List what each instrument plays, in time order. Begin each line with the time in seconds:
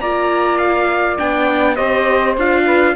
0.00 cello A#3, viola F4, saxophone D5, trumpet A#5
0.58 trumpet F5
1.18 cello B3, viola D4, trumpet G5
1.75 cello C4, viola G4, saxophone C5, trumpet D#5
2.37 cello D4, viola F4, trumpet F5
2.65 saxophone B4